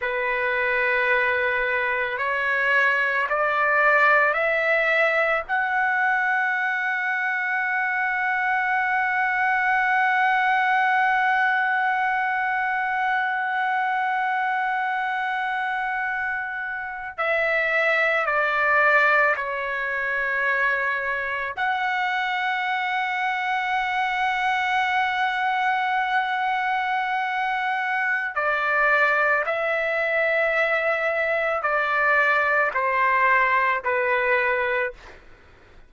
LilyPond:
\new Staff \with { instrumentName = "trumpet" } { \time 4/4 \tempo 4 = 55 b'2 cis''4 d''4 | e''4 fis''2.~ | fis''1~ | fis''2.~ fis''8. e''16~ |
e''8. d''4 cis''2 fis''16~ | fis''1~ | fis''2 d''4 e''4~ | e''4 d''4 c''4 b'4 | }